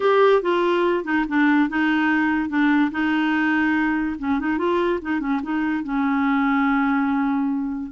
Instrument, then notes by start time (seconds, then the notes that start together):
clarinet
0.00 G4
0.42 F4
1.04 D#4
1.28 D4
1.69 D#4
2.49 D4
2.91 D#4
4.19 C#4
4.39 D#4
4.58 F4
5.01 D#4
5.20 C#4
5.42 D#4
5.83 C#4